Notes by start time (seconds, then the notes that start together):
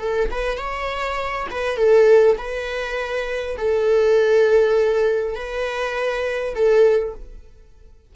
0.00 A4
0.31 B4
0.58 C#5
1.51 B4
1.77 A4
2.38 B4
3.58 A4
5.36 B4
6.55 A4